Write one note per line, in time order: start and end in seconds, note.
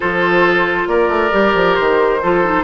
0.00 0.87 F3
0.00 1.31 F4
0.00 0.88 A4
0.00 0.87 C5
0.87 1.08 A#3
0.87 2.21 A#4
0.87 1.75 D5
1.08 1.30 A3
1.31 1.54 G3
1.31 2.19 G4
1.54 1.76 F3
1.75 2.23 D#3
1.75 2.63 C5
2.22 2.63 F3
2.22 2.44 F4
2.22 2.63 A4
2.44 2.63 D#4